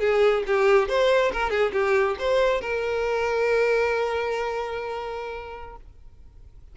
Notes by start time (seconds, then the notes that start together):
0.00 G#4
0.47 G4
0.89 C5
1.33 A#4
1.50 G#4
1.73 G4
2.19 C5
2.61 A#4